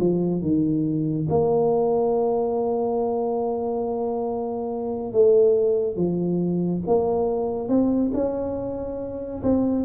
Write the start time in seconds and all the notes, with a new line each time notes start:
0.00 F3
0.42 D#3
1.29 A#3
5.13 A3
5.96 F3
6.87 A#3
7.69 C4
8.14 C#4
9.43 C4